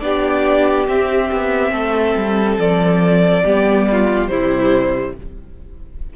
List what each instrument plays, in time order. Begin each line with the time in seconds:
0.00 cello B3, viola D4, violin G4 D5
0.87 cello C4, viola C4, violin E5
1.31 cello B3
1.72 cello A3, violin A4
2.16 cello G3
2.57 cello F3, violin D5
3.44 cello G3, viola B3, violin G4
3.92 violin F4
4.27 cello C3, viola G3, violin E4 C5